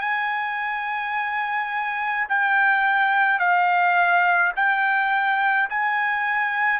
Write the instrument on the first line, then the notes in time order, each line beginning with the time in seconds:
trumpet
0.00 G#5
2.28 G5
3.39 F5
4.55 G5
5.69 G#5